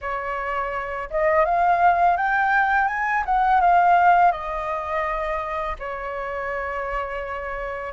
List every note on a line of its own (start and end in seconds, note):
0.01 1.09 C#5
1.10 1.45 D#5
1.45 2.17 F5
2.17 2.87 G5
2.87 3.23 G#5
3.25 3.60 F#5
3.60 4.31 F5
4.31 5.76 D#5
5.79 7.93 C#5